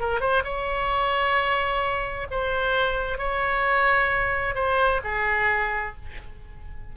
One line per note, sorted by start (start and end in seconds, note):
0.00 0.20 A#4
0.20 0.43 C5
0.44 2.27 C#5
2.31 3.18 C5
3.18 4.55 C#5
4.55 5.00 C5
5.04 5.96 G#4